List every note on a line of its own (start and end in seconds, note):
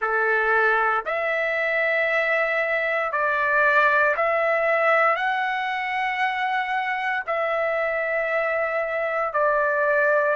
0.01 1.04 A4
1.05 3.11 E5
3.11 4.15 D5
4.16 5.16 E5
5.16 7.23 F#5
7.26 9.33 E5
9.33 10.35 D5